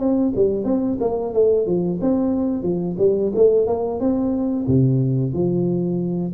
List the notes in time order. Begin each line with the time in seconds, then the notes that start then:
0.00 C4
0.36 G3
0.65 C4
1.01 A#3
1.34 A3
1.67 F3
2.02 C4
2.63 F3
2.99 G3
3.36 A3
3.68 A#3
4.00 C4
4.68 C3
5.34 F3